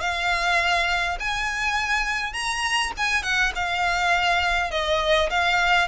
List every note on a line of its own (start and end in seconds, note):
0.00 1.18 F5
1.20 2.33 G#5
2.33 2.92 A#5
2.97 3.23 G#5
3.23 3.52 F#5
3.55 4.71 F5
4.71 5.29 D#5
5.30 5.88 F5